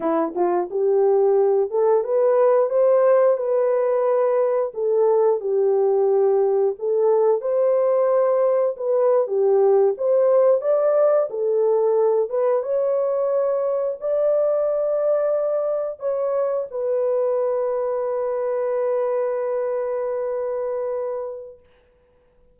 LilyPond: \new Staff \with { instrumentName = "horn" } { \time 4/4 \tempo 4 = 89 e'8 f'8 g'4. a'8 b'4 | c''4 b'2 a'4 | g'2 a'4 c''4~ | c''4 b'8. g'4 c''4 d''16~ |
d''8. a'4. b'8 cis''4~ cis''16~ | cis''8. d''2. cis''16~ | cis''8. b'2.~ b'16~ | b'1 | }